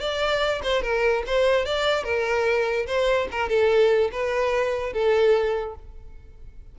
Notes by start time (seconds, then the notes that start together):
0.00 D5
0.63 C5
0.82 A#4
1.26 C5
1.66 D5
2.04 A#4
2.87 C5
3.31 A#4
3.49 A4
4.12 B4
4.93 A4